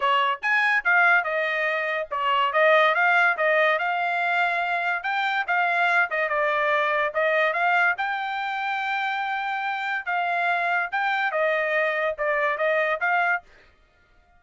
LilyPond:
\new Staff \with { instrumentName = "trumpet" } { \time 4/4 \tempo 4 = 143 cis''4 gis''4 f''4 dis''4~ | dis''4 cis''4 dis''4 f''4 | dis''4 f''2. | g''4 f''4. dis''8 d''4~ |
d''4 dis''4 f''4 g''4~ | g''1 | f''2 g''4 dis''4~ | dis''4 d''4 dis''4 f''4 | }